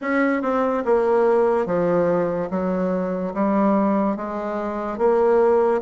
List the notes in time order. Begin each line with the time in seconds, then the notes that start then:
0.01 C#4
0.42 C4
0.85 A#3
1.66 F3
2.50 F#3
3.34 G3
4.16 G#3
4.98 A#3